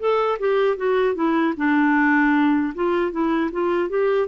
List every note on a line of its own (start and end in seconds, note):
0.00 0.39 A4
0.39 0.77 G4
0.77 1.15 F#4
1.15 1.54 E4
1.57 2.74 D4
2.75 3.12 F4
3.12 3.51 E4
3.52 3.90 F4
3.90 4.28 G4